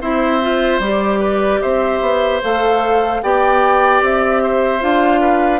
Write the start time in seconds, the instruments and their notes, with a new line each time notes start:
0.00 bassoon C4, clarinet E4, oboe C5, flute E5
0.41 clarinet F4
0.79 bassoon G3, clarinet G4, flute D5
1.20 oboe B4
1.61 bassoon C4, oboe C5, flute E5
2.01 bassoon B3
2.43 bassoon A3, clarinet A4, flute F5
3.22 bassoon B3, clarinet G4, oboe D5, flute G5
4.01 bassoon C4, flute E5
4.43 oboe C5
4.79 bassoon D4, clarinet F4, flute F5
5.20 oboe B4